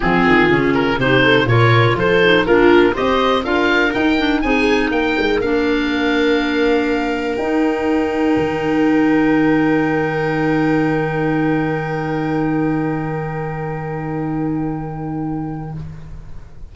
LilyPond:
<<
  \new Staff \with { instrumentName = "oboe" } { \time 4/4 \tempo 4 = 122 gis'4. ais'8 c''4 cis''4 | c''4 ais'4 dis''4 f''4 | g''4 gis''4 g''4 f''4~ | f''2. g''4~ |
g''1~ | g''1~ | g''1~ | g''1 | }
  \new Staff \with { instrumentName = "viola" } { \time 4/4 f'2 g'8 a'8 ais'4 | a'4 f'4 c''4 ais'4~ | ais'4 gis'4 ais'2~ | ais'1~ |
ais'1~ | ais'1~ | ais'1~ | ais'1 | }
  \new Staff \with { instrumentName = "clarinet" } { \time 4/4 c'4 cis'4 dis'4 f'4~ | f'8 dis'8 d'4 g'4 f'4 | dis'8 d'8 dis'2 d'4~ | d'2. dis'4~ |
dis'1~ | dis'1~ | dis'1~ | dis'1 | }
  \new Staff \with { instrumentName = "tuba" } { \time 4/4 f8 dis8 cis4 c4 ais,4 | f4 ais4 c'4 d'4 | dis'4 c'4 ais8 gis8 ais4~ | ais2. dis'4~ |
dis'4 dis2.~ | dis1~ | dis1~ | dis1 | }
>>